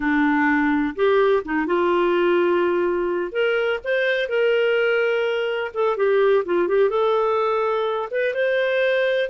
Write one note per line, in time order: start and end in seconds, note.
0.00 0.94 D4
0.95 1.43 G4
1.44 1.66 D#4
1.66 3.32 F4
3.32 3.79 A#4
3.83 4.29 C5
4.29 5.71 A#4
5.74 5.97 A4
5.97 6.44 G4
6.45 6.68 F4
6.68 6.89 G4
6.89 8.08 A4
8.11 8.34 B4
8.34 9.29 C5